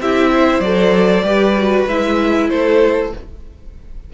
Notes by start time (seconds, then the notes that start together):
0.00 C4 E4 G4 E5
0.33 C5
0.59 F#3 A4 D5
1.23 G3 G4 B4
1.58 F#4
1.87 G#3 E4 E5
2.50 A3 A4 C5